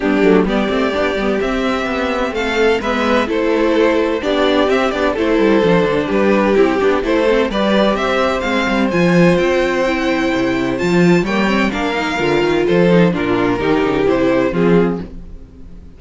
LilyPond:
<<
  \new Staff \with { instrumentName = "violin" } { \time 4/4 \tempo 4 = 128 g'4 d''2 e''4~ | e''4 f''4 e''4 c''4~ | c''4 d''4 e''8 d''8 c''4~ | c''4 b'4 g'4 c''4 |
d''4 e''4 f''4 gis''4 | g''2. a''4 | g''4 f''2 c''4 | ais'2 c''4 gis'4 | }
  \new Staff \with { instrumentName = "violin" } { \time 4/4 d'4 g'2.~ | g'4 a'4 b'4 a'4~ | a'4 g'2 a'4~ | a'4 g'2 a'4 |
b'4 c''2.~ | c''1 | cis''4 ais'2 a'4 | f'4 g'2 f'4 | }
  \new Staff \with { instrumentName = "viola" } { \time 4/4 b8 a8 b8 c'8 d'8 b8 c'4~ | c'2 b4 e'4~ | e'4 d'4 c'8 d'8 e'4 | d'2 e'8 d'8 e'8 c'8 |
g'2 c'4 f'4~ | f'4 e'2 f'4 | ais8 c'8 d'8 dis'8 f'4. dis'8 | d'4 dis'4 e'4 c'4 | }
  \new Staff \with { instrumentName = "cello" } { \time 4/4 g8 fis8 g8 a8 b8 g8 c'4 | b4 a4 gis4 a4~ | a4 b4 c'8 b8 a8 g8 | f8 d8 g4 c'8 b8 a4 |
g4 c'4 gis8 g8 f4 | c'2 c4 f4 | g4 ais4 d8 dis8 f4 | ais,4 dis8 cis8 c4 f4 | }
>>